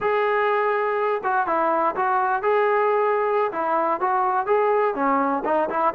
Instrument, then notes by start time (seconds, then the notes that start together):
trombone
0.00 G#4
1.23 F#4
1.46 E4
1.95 F#4
2.42 G#4
3.51 E4
4.00 F#4
4.46 G#4
4.94 C#4
5.44 D#4
5.69 E4